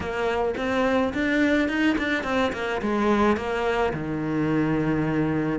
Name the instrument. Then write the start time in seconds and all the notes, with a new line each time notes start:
cello
0.00 A#3
0.57 C4
1.13 D4
1.68 D#4
1.98 D4
2.23 C4
2.53 A#3
2.81 G#3
3.36 A#3
3.93 D#3